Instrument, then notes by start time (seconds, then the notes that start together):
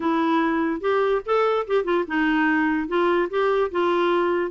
clarinet
0.00 E4
0.80 G4
1.25 A4
1.67 G4
1.84 F4
2.07 D#4
2.87 F4
3.30 G4
3.71 F4